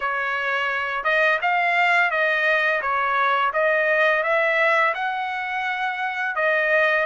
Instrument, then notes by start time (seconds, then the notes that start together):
trumpet
0.00 C#5
1.04 D#5
1.41 F5
2.10 D#5
2.81 C#5
3.53 D#5
4.23 E5
4.94 F#5
6.35 D#5